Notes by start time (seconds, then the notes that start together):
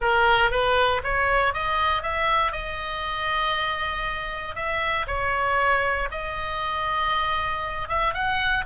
0.01 A#4
0.50 B4
1.03 C#5
1.53 D#5
2.02 E5
2.51 D#5
4.55 E5
5.07 C#5
6.11 D#5
7.88 E5
8.14 F#5